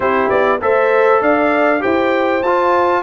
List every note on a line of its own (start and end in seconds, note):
0.00 0.29 C4
0.00 0.60 E4
0.00 0.60 G4
0.00 0.29 C5
0.29 0.60 B3
0.29 0.59 D5
0.60 1.21 A3
0.60 1.80 A4
0.60 1.21 C5
0.60 1.22 E5
1.21 1.82 D4
1.21 1.81 D5
1.21 1.82 F5
1.80 2.43 E4
1.80 2.40 G4
1.80 3.02 C5
1.80 2.43 G5
2.43 3.02 F4
2.43 3.02 A5